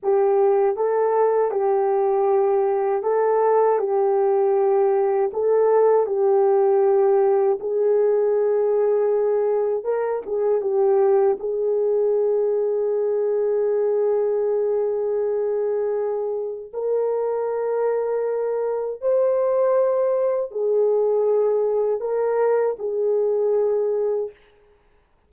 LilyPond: \new Staff \with { instrumentName = "horn" } { \time 4/4 \tempo 4 = 79 g'4 a'4 g'2 | a'4 g'2 a'4 | g'2 gis'2~ | gis'4 ais'8 gis'8 g'4 gis'4~ |
gis'1~ | gis'2 ais'2~ | ais'4 c''2 gis'4~ | gis'4 ais'4 gis'2 | }